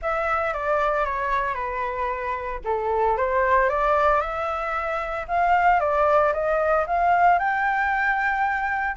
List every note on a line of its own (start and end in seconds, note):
0.02 0.53 E5
0.53 1.05 D5
1.05 1.54 C#5
1.54 2.59 B4
2.64 3.17 A4
3.17 3.69 C5
3.69 4.20 D5
4.20 5.26 E5
5.28 5.80 F5
5.80 6.32 D5
6.33 6.85 D#5
6.86 7.38 F5
7.38 8.96 G5